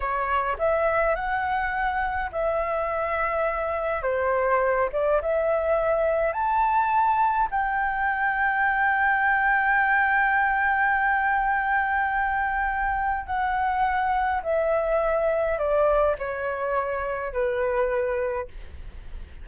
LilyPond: \new Staff \with { instrumentName = "flute" } { \time 4/4 \tempo 4 = 104 cis''4 e''4 fis''2 | e''2. c''4~ | c''8 d''8 e''2 a''4~ | a''4 g''2.~ |
g''1~ | g''2. fis''4~ | fis''4 e''2 d''4 | cis''2 b'2 | }